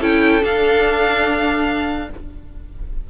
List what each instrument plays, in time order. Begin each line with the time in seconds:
0.00 cello C#4, viola E4, violin A4 G5
0.41 viola D4, cello D4, violin F5